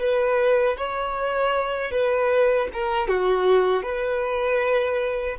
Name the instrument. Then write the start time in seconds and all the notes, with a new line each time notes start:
violin
0.00 B4
0.77 C#5
1.91 B4
2.73 A#4
3.08 F#4
3.83 B4